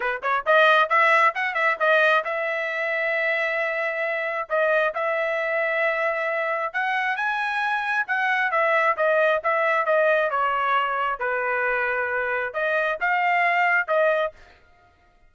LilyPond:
\new Staff \with { instrumentName = "trumpet" } { \time 4/4 \tempo 4 = 134 b'8 cis''8 dis''4 e''4 fis''8 e''8 | dis''4 e''2.~ | e''2 dis''4 e''4~ | e''2. fis''4 |
gis''2 fis''4 e''4 | dis''4 e''4 dis''4 cis''4~ | cis''4 b'2. | dis''4 f''2 dis''4 | }